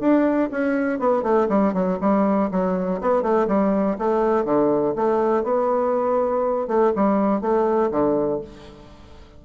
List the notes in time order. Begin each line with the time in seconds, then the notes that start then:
0.00 D4
0.51 C#4
0.99 B3
1.23 A3
1.49 G3
1.73 F#3
2.00 G3
2.51 F#3
3.01 B3
3.22 A3
3.47 G3
3.98 A3
4.44 D3
4.95 A3
5.43 B3
6.67 A3
6.96 G3
7.41 A3
7.91 D3